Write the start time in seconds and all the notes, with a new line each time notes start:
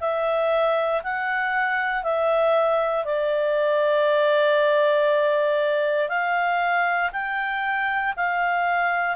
0.00 E5
1.03 F#5
2.03 E5
3.05 D5
6.08 F5
7.12 G5
8.16 F5